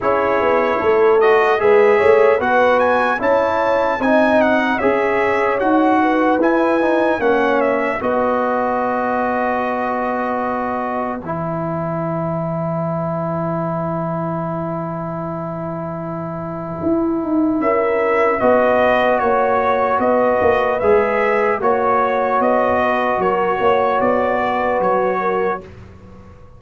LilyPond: <<
  \new Staff \with { instrumentName = "trumpet" } { \time 4/4 \tempo 4 = 75 cis''4. dis''8 e''4 fis''8 gis''8 | a''4 gis''8 fis''8 e''4 fis''4 | gis''4 fis''8 e''8 dis''2~ | dis''2 gis''2~ |
gis''1~ | gis''2 e''4 dis''4 | cis''4 dis''4 e''4 cis''4 | dis''4 cis''4 d''4 cis''4 | }
  \new Staff \with { instrumentName = "horn" } { \time 4/4 gis'4 a'4 b'8 cis''8 b'4 | cis''4 dis''4 cis''4. b'8~ | b'4 cis''4 b'2~ | b'1~ |
b'1~ | b'2 ais'4 b'4 | cis''4 b'2 cis''4~ | cis''8 b'8 ais'8 cis''4 b'4 ais'8 | }
  \new Staff \with { instrumentName = "trombone" } { \time 4/4 e'4. fis'8 gis'4 fis'4 | e'4 dis'4 gis'4 fis'4 | e'8 dis'8 cis'4 fis'2~ | fis'2 e'2~ |
e'1~ | e'2. fis'4~ | fis'2 gis'4 fis'4~ | fis'1 | }
  \new Staff \with { instrumentName = "tuba" } { \time 4/4 cis'8 b8 a4 gis8 a8 b4 | cis'4 c'4 cis'4 dis'4 | e'4 ais4 b2~ | b2 e2~ |
e1~ | e4 e'8 dis'8 cis'4 b4 | ais4 b8 ais8 gis4 ais4 | b4 fis8 ais8 b4 fis4 | }
>>